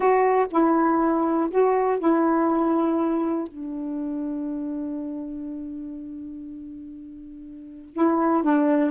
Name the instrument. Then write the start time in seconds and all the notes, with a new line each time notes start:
saxophone
0.00 F#4
0.50 E4
1.50 F#4
1.99 E4
3.47 D4
7.93 E4
8.43 D4